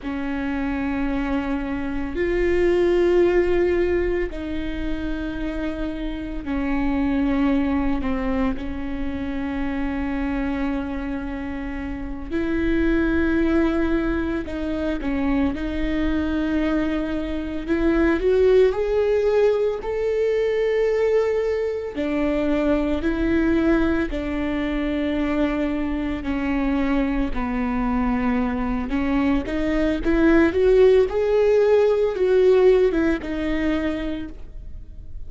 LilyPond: \new Staff \with { instrumentName = "viola" } { \time 4/4 \tempo 4 = 56 cis'2 f'2 | dis'2 cis'4. c'8 | cis'2.~ cis'8 e'8~ | e'4. dis'8 cis'8 dis'4.~ |
dis'8 e'8 fis'8 gis'4 a'4.~ | a'8 d'4 e'4 d'4.~ | d'8 cis'4 b4. cis'8 dis'8 | e'8 fis'8 gis'4 fis'8. e'16 dis'4 | }